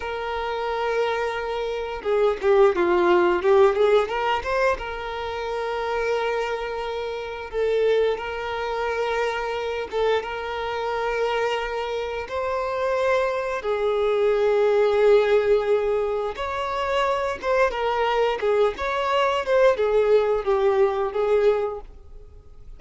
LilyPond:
\new Staff \with { instrumentName = "violin" } { \time 4/4 \tempo 4 = 88 ais'2. gis'8 g'8 | f'4 g'8 gis'8 ais'8 c''8 ais'4~ | ais'2. a'4 | ais'2~ ais'8 a'8 ais'4~ |
ais'2 c''2 | gis'1 | cis''4. c''8 ais'4 gis'8 cis''8~ | cis''8 c''8 gis'4 g'4 gis'4 | }